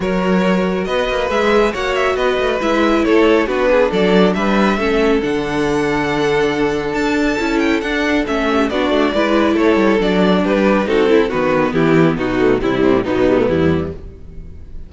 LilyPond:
<<
  \new Staff \with { instrumentName = "violin" } { \time 4/4 \tempo 4 = 138 cis''2 dis''4 e''4 | fis''8 e''8 dis''4 e''4 cis''4 | b'4 d''4 e''2 | fis''1 |
a''4. g''8 fis''4 e''4 | d''2 cis''4 d''4 | b'4 a'4 b'4 g'4 | fis'4 e'4 dis'4 e'4 | }
  \new Staff \with { instrumentName = "violin" } { \time 4/4 ais'2 b'2 | cis''4 b'2 a'4 | fis'8 gis'8 a'4 b'4 a'4~ | a'1~ |
a'2.~ a'8 g'8 | fis'4 b'4 a'2 | g'4 fis'8 e'8 fis'4 e'4 | dis'4 e'8 c'8 b2 | }
  \new Staff \with { instrumentName = "viola" } { \time 4/4 fis'2. gis'4 | fis'2 e'2 | d'2. cis'4 | d'1~ |
d'4 e'4 d'4 cis'4 | d'4 e'2 d'4~ | d'4 dis'8 e'8 b2~ | b8 a8 g4 fis8 g16 a16 g4 | }
  \new Staff \with { instrumentName = "cello" } { \time 4/4 fis2 b8 ais8 gis4 | ais4 b8 a8 gis4 a4 | b4 fis4 g4 a4 | d1 |
d'4 cis'4 d'4 a4 | b8 a8 gis4 a8 g8 fis4 | g4 c'4 dis4 e4 | b,4 c8 a,8 b,4 e,4 | }
>>